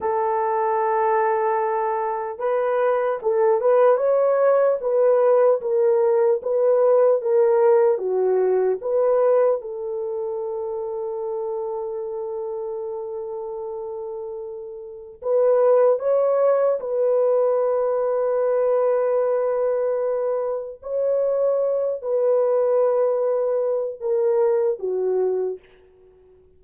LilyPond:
\new Staff \with { instrumentName = "horn" } { \time 4/4 \tempo 4 = 75 a'2. b'4 | a'8 b'8 cis''4 b'4 ais'4 | b'4 ais'4 fis'4 b'4 | a'1~ |
a'2. b'4 | cis''4 b'2.~ | b'2 cis''4. b'8~ | b'2 ais'4 fis'4 | }